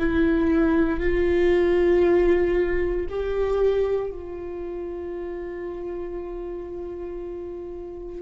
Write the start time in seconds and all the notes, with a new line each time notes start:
0.00 E4
1.00 F4
3.10 G4
4.12 F4